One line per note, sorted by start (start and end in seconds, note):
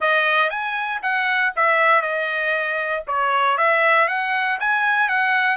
0.00 0.50 D#5
0.50 1.01 G#5
1.02 1.53 F#5
1.56 2.01 E5
2.01 3.03 D#5
3.07 3.57 C#5
3.57 4.07 E5
4.07 4.58 F#5
4.60 5.08 G#5
5.08 5.56 F#5